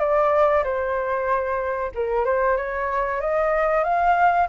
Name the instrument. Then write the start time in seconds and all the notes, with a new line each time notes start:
flute
0.00 D5
0.64 C5
1.95 A#4
2.25 C5
2.57 C#5
3.21 D#5
3.84 F5